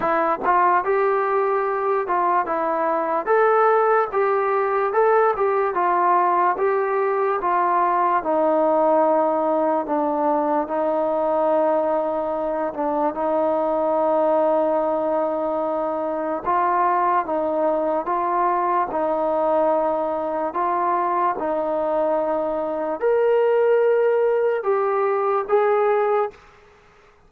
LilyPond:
\new Staff \with { instrumentName = "trombone" } { \time 4/4 \tempo 4 = 73 e'8 f'8 g'4. f'8 e'4 | a'4 g'4 a'8 g'8 f'4 | g'4 f'4 dis'2 | d'4 dis'2~ dis'8 d'8 |
dis'1 | f'4 dis'4 f'4 dis'4~ | dis'4 f'4 dis'2 | ais'2 g'4 gis'4 | }